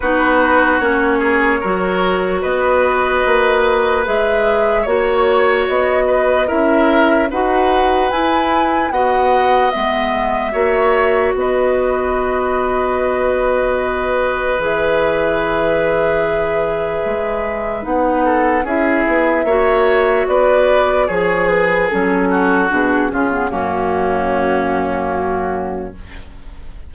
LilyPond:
<<
  \new Staff \with { instrumentName = "flute" } { \time 4/4 \tempo 4 = 74 b'4 cis''2 dis''4~ | dis''4 e''4 cis''4 dis''4 | e''4 fis''4 gis''4 fis''4 | e''2 dis''2~ |
dis''2 e''2~ | e''2 fis''4 e''4~ | e''4 d''4 cis''8 b'8 a'4 | gis'4 fis'2. | }
  \new Staff \with { instrumentName = "oboe" } { \time 4/4 fis'4. gis'8 ais'4 b'4~ | b'2 cis''4. b'8 | ais'4 b'2 dis''4~ | dis''4 cis''4 b'2~ |
b'1~ | b'2~ b'8 a'8 gis'4 | cis''4 b'4 gis'4. fis'8~ | fis'8 f'8 cis'2. | }
  \new Staff \with { instrumentName = "clarinet" } { \time 4/4 dis'4 cis'4 fis'2~ | fis'4 gis'4 fis'2 | e'4 fis'4 e'4 fis'4 | b4 fis'2.~ |
fis'2 gis'2~ | gis'2 dis'4 e'4 | fis'2 gis'4 cis'4 | d'8 cis'16 b16 ais2. | }
  \new Staff \with { instrumentName = "bassoon" } { \time 4/4 b4 ais4 fis4 b4 | ais4 gis4 ais4 b4 | cis'4 dis'4 e'4 b4 | gis4 ais4 b2~ |
b2 e2~ | e4 gis4 b4 cis'8 b8 | ais4 b4 f4 fis4 | b,8 cis8 fis,2. | }
>>